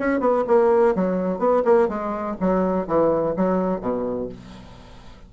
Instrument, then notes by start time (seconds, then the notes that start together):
bassoon
0.00 C#4
0.21 B3
0.48 A#3
0.96 F#3
1.39 B3
1.65 A#3
1.89 G#3
2.41 F#3
2.88 E3
3.37 F#3
3.81 B2